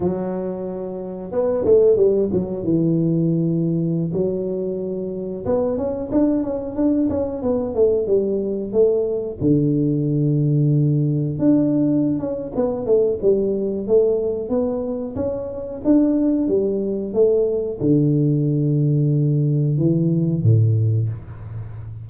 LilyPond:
\new Staff \with { instrumentName = "tuba" } { \time 4/4 \tempo 4 = 91 fis2 b8 a8 g8 fis8 | e2~ e16 fis4.~ fis16~ | fis16 b8 cis'8 d'8 cis'8 d'8 cis'8 b8 a16~ | a16 g4 a4 d4.~ d16~ |
d4~ d16 d'4~ d'16 cis'8 b8 a8 | g4 a4 b4 cis'4 | d'4 g4 a4 d4~ | d2 e4 a,4 | }